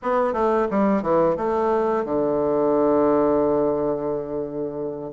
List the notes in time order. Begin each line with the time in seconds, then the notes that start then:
0.02 B3
0.33 A3
0.70 G3
1.02 E3
1.36 A3
2.05 D3